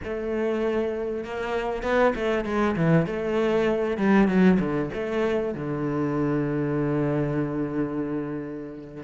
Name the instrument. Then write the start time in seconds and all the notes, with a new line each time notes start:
cello
0.04 A3
1.24 A#3
1.82 B3
2.15 A3
2.45 G#3
2.76 E3
3.06 A3
3.97 G3
4.27 F#3
4.59 D3
4.93 A3
5.54 D3